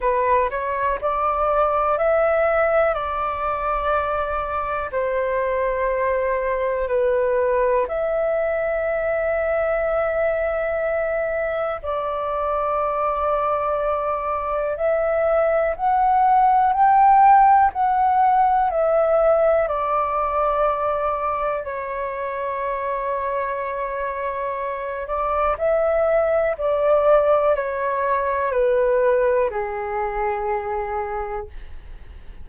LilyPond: \new Staff \with { instrumentName = "flute" } { \time 4/4 \tempo 4 = 61 b'8 cis''8 d''4 e''4 d''4~ | d''4 c''2 b'4 | e''1 | d''2. e''4 |
fis''4 g''4 fis''4 e''4 | d''2 cis''2~ | cis''4. d''8 e''4 d''4 | cis''4 b'4 gis'2 | }